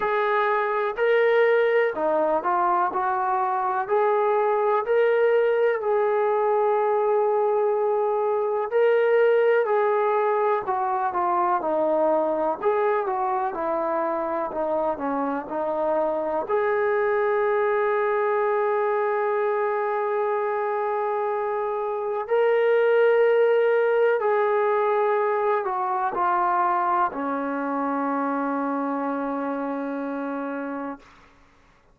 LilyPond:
\new Staff \with { instrumentName = "trombone" } { \time 4/4 \tempo 4 = 62 gis'4 ais'4 dis'8 f'8 fis'4 | gis'4 ais'4 gis'2~ | gis'4 ais'4 gis'4 fis'8 f'8 | dis'4 gis'8 fis'8 e'4 dis'8 cis'8 |
dis'4 gis'2.~ | gis'2. ais'4~ | ais'4 gis'4. fis'8 f'4 | cis'1 | }